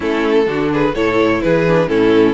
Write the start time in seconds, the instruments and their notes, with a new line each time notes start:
0.00 cello A3, viola C#4, violin E4 A4
0.46 cello D3, viola D4, violin F#4
0.73 violin G#4 B4
0.94 cello A2, viola E4, violin A4 C#5
1.41 cello E3, violin G#4 B4
1.67 viola D4
1.87 cello A2, viola C#4, violin E4 A4